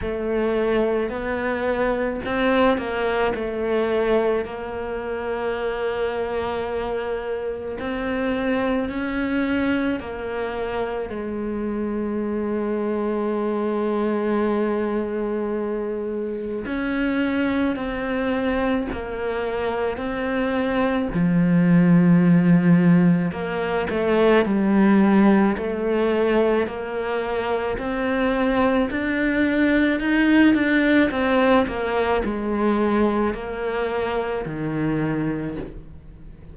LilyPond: \new Staff \with { instrumentName = "cello" } { \time 4/4 \tempo 4 = 54 a4 b4 c'8 ais8 a4 | ais2. c'4 | cis'4 ais4 gis2~ | gis2. cis'4 |
c'4 ais4 c'4 f4~ | f4 ais8 a8 g4 a4 | ais4 c'4 d'4 dis'8 d'8 | c'8 ais8 gis4 ais4 dis4 | }